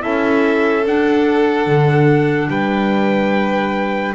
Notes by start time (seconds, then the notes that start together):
0.00 C#4 E4 A4 E5
0.85 D4 F#5
1.66 D3
2.48 G3 B4 G5